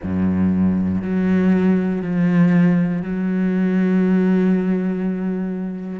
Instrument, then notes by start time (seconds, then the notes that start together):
cello
0.03 F#2
1.01 F#3
2.01 F3
3.02 F#3